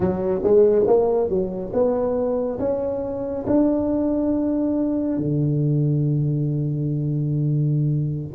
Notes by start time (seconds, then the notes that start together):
0.00 F#3
0.43 G#3
0.87 A#3
1.29 F#3
1.73 B3
2.59 C#4
3.46 D4
5.17 D3